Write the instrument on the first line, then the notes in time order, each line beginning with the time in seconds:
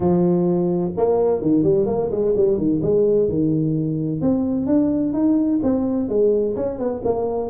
tuba
0.00 F3
0.97 A#3
1.41 D#3
1.63 G3
1.86 A#3
2.11 G#3
2.36 G3
2.57 D#3
2.82 G#3
3.28 D#3
4.21 C4
4.66 D4
5.13 D#4
5.62 C4
6.08 G#3
6.56 C#4
6.78 B3
7.04 A#3